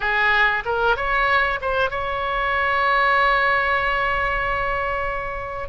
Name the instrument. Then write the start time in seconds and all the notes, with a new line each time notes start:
oboe
0.00 G#4
0.65 A#4
0.96 C#5
1.61 C5
1.90 C#5